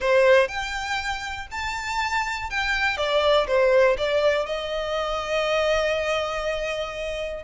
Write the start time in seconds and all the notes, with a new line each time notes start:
0.00 C5
0.48 G5
1.51 A5
2.50 G5
2.97 D5
3.47 C5
3.97 D5
4.46 D#5